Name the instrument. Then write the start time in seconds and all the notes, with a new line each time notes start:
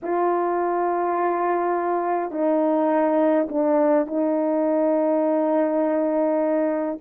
horn
0.02 F4
2.31 D#4
3.48 D4
4.06 D#4